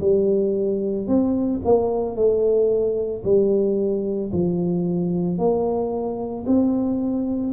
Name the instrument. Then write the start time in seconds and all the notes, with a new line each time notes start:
tuba
0.00 G3
1.07 C4
1.64 A#3
2.15 A3
3.23 G3
4.32 F3
5.38 A#3
6.46 C4